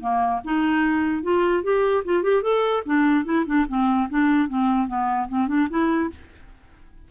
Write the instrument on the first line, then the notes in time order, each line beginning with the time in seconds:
clarinet
0.00 A#3
0.44 D#4
1.22 F4
1.63 G4
2.04 F4
2.23 G4
2.42 A4
2.85 D4
3.25 E4
3.46 D4
3.68 C4
4.09 D4
4.48 C4
4.87 B3
5.28 C4
5.47 D4
5.69 E4